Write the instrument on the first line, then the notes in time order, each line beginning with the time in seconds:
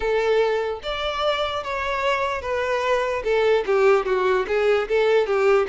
violin
0.00 A4
0.83 D5
1.63 C#5
2.41 B4
3.24 A4
3.66 G4
4.05 F#4
4.47 G#4
4.88 A4
5.26 G4